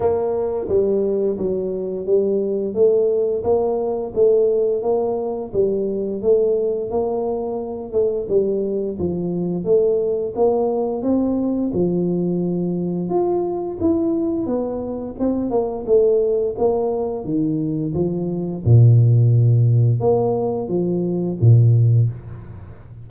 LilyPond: \new Staff \with { instrumentName = "tuba" } { \time 4/4 \tempo 4 = 87 ais4 g4 fis4 g4 | a4 ais4 a4 ais4 | g4 a4 ais4. a8 | g4 f4 a4 ais4 |
c'4 f2 f'4 | e'4 b4 c'8 ais8 a4 | ais4 dis4 f4 ais,4~ | ais,4 ais4 f4 ais,4 | }